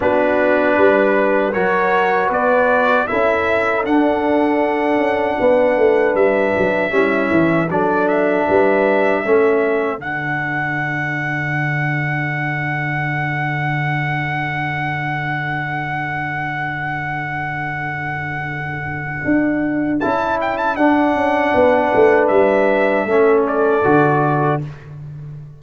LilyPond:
<<
  \new Staff \with { instrumentName = "trumpet" } { \time 4/4 \tempo 4 = 78 b'2 cis''4 d''4 | e''4 fis''2. | e''2 d''8 e''4.~ | e''4 fis''2.~ |
fis''1~ | fis''1~ | fis''2 a''8 g''16 a''16 fis''4~ | fis''4 e''4. d''4. | }
  \new Staff \with { instrumentName = "horn" } { \time 4/4 fis'4 b'4 ais'4 b'4 | a'2. b'4~ | b'4 e'4 a'4 b'4 | a'1~ |
a'1~ | a'1~ | a'1 | b'2 a'2 | }
  \new Staff \with { instrumentName = "trombone" } { \time 4/4 d'2 fis'2 | e'4 d'2.~ | d'4 cis'4 d'2 | cis'4 d'2.~ |
d'1~ | d'1~ | d'2 e'4 d'4~ | d'2 cis'4 fis'4 | }
  \new Staff \with { instrumentName = "tuba" } { \time 4/4 b4 g4 fis4 b4 | cis'4 d'4. cis'8 b8 a8 | g8 fis8 g8 e8 fis4 g4 | a4 d2.~ |
d1~ | d1~ | d4 d'4 cis'4 d'8 cis'8 | b8 a8 g4 a4 d4 | }
>>